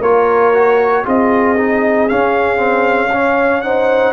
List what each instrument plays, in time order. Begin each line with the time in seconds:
0.00 tuba A#3, trombone F4, horn A#4, trumpet C#5
0.53 trombone F#4
1.04 tuba C4, trombone F4, horn G#4, trumpet D#5
1.57 trombone D#4
2.08 trombone C#4, tuba C#4, trumpet F5
2.56 trombone C4
3.12 trombone C#4, horn C#5
3.61 trombone D#4, horn C5, trumpet F#5